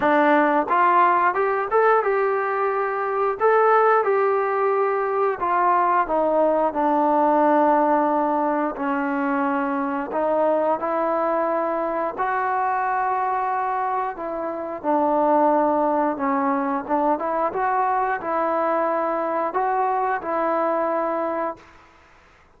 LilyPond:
\new Staff \with { instrumentName = "trombone" } { \time 4/4 \tempo 4 = 89 d'4 f'4 g'8 a'8 g'4~ | g'4 a'4 g'2 | f'4 dis'4 d'2~ | d'4 cis'2 dis'4 |
e'2 fis'2~ | fis'4 e'4 d'2 | cis'4 d'8 e'8 fis'4 e'4~ | e'4 fis'4 e'2 | }